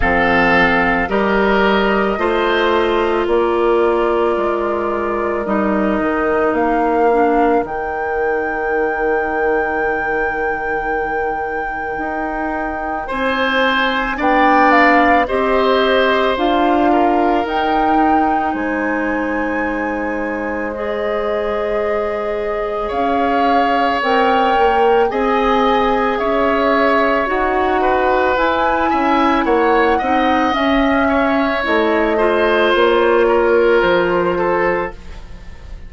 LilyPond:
<<
  \new Staff \with { instrumentName = "flute" } { \time 4/4 \tempo 4 = 55 f''4 dis''2 d''4~ | d''4 dis''4 f''4 g''4~ | g''1 | gis''4 g''8 f''8 dis''4 f''4 |
g''4 gis''2 dis''4~ | dis''4 f''4 g''4 gis''4 | e''4 fis''4 gis''4 fis''4 | e''4 dis''4 cis''4 c''4 | }
  \new Staff \with { instrumentName = "oboe" } { \time 4/4 a'4 ais'4 c''4 ais'4~ | ais'1~ | ais'1 | c''4 d''4 c''4. ais'8~ |
ais'4 c''2.~ | c''4 cis''2 dis''4 | cis''4. b'4 e''8 cis''8 dis''8~ | dis''8 cis''4 c''4 ais'4 a'8 | }
  \new Staff \with { instrumentName = "clarinet" } { \time 4/4 c'4 g'4 f'2~ | f'4 dis'4. d'8 dis'4~ | dis'1~ | dis'4 d'4 g'4 f'4 |
dis'2. gis'4~ | gis'2 ais'4 gis'4~ | gis'4 fis'4 e'4. dis'8 | cis'4 e'8 f'2~ f'8 | }
  \new Staff \with { instrumentName = "bassoon" } { \time 4/4 f4 g4 a4 ais4 | gis4 g8 dis8 ais4 dis4~ | dis2. dis'4 | c'4 b4 c'4 d'4 |
dis'4 gis2.~ | gis4 cis'4 c'8 ais8 c'4 | cis'4 dis'4 e'8 cis'8 ais8 c'8 | cis'4 a4 ais4 f4 | }
>>